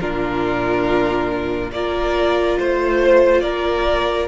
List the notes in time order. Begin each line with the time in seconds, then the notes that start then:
0.00 A#2 D4 F4 A#4
1.72 A#3 F4 A#4 D5
2.58 A3 C5
3.41 A#3 A#4 D5